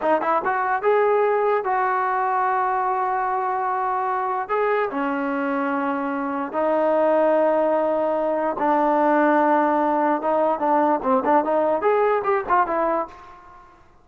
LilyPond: \new Staff \with { instrumentName = "trombone" } { \time 4/4 \tempo 4 = 147 dis'8 e'8 fis'4 gis'2 | fis'1~ | fis'2. gis'4 | cis'1 |
dis'1~ | dis'4 d'2.~ | d'4 dis'4 d'4 c'8 d'8 | dis'4 gis'4 g'8 f'8 e'4 | }